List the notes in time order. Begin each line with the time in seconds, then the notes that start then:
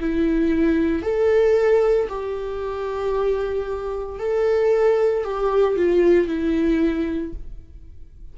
0.00 E4
1.02 A4
2.08 G4
4.19 A4
5.24 G4
5.76 F4
6.27 E4